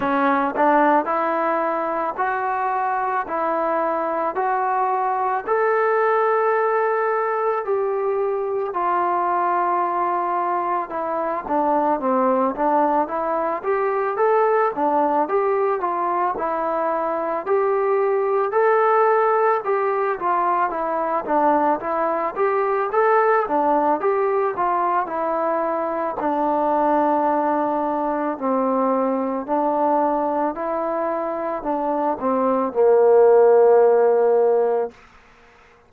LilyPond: \new Staff \with { instrumentName = "trombone" } { \time 4/4 \tempo 4 = 55 cis'8 d'8 e'4 fis'4 e'4 | fis'4 a'2 g'4 | f'2 e'8 d'8 c'8 d'8 | e'8 g'8 a'8 d'8 g'8 f'8 e'4 |
g'4 a'4 g'8 f'8 e'8 d'8 | e'8 g'8 a'8 d'8 g'8 f'8 e'4 | d'2 c'4 d'4 | e'4 d'8 c'8 ais2 | }